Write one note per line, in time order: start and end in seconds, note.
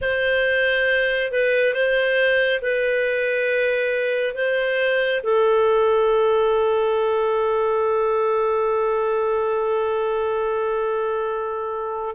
0.01 1.31 C5
1.31 1.73 B4
1.73 2.60 C5
2.61 4.34 B4
4.34 5.21 C5
5.23 12.15 A4